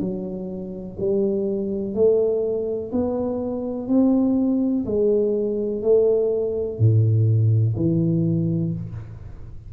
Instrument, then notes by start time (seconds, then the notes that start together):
tuba
0.00 F#3
0.99 G3
1.94 A3
2.92 B3
3.88 C4
4.85 G#3
5.82 A3
6.78 A2
7.76 E3